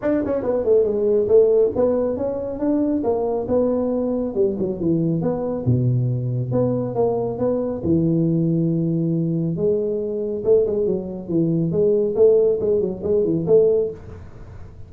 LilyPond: \new Staff \with { instrumentName = "tuba" } { \time 4/4 \tempo 4 = 138 d'8 cis'8 b8 a8 gis4 a4 | b4 cis'4 d'4 ais4 | b2 g8 fis8 e4 | b4 b,2 b4 |
ais4 b4 e2~ | e2 gis2 | a8 gis8 fis4 e4 gis4 | a4 gis8 fis8 gis8 e8 a4 | }